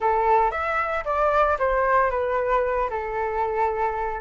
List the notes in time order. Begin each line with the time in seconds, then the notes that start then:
0.00 A4
0.51 E5
1.05 D5
1.58 C5
2.10 B4
2.90 A4